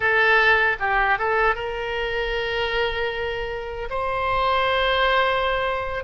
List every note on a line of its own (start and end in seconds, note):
0.00 0.76 A4
0.79 1.18 G4
1.18 1.55 A4
1.55 3.89 A#4
3.90 6.04 C5